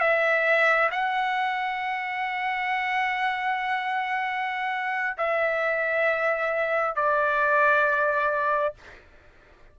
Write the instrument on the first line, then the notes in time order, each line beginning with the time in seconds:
trumpet
0.00 E5
0.91 F#5
5.17 E5
6.95 D5